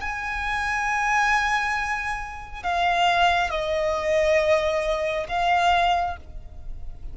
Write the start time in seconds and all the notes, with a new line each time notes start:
0.00 G#5
2.63 F5
3.50 D#5
5.28 F5